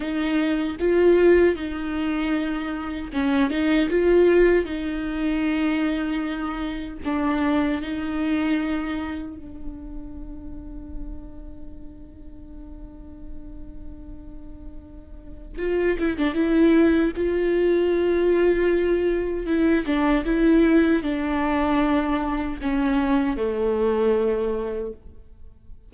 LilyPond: \new Staff \with { instrumentName = "viola" } { \time 4/4 \tempo 4 = 77 dis'4 f'4 dis'2 | cis'8 dis'8 f'4 dis'2~ | dis'4 d'4 dis'2 | d'1~ |
d'1 | f'8 e'16 d'16 e'4 f'2~ | f'4 e'8 d'8 e'4 d'4~ | d'4 cis'4 a2 | }